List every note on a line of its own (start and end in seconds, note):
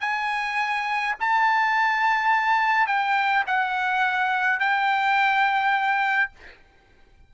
0.00 1.14 G#5
1.20 2.87 A5
2.87 3.44 G5
3.46 4.59 F#5
4.59 6.31 G5